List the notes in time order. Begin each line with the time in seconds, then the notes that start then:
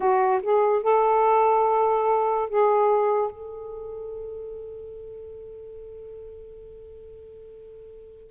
0.00 F#4
0.42 G#4
0.83 A4
2.49 G#4
3.31 A4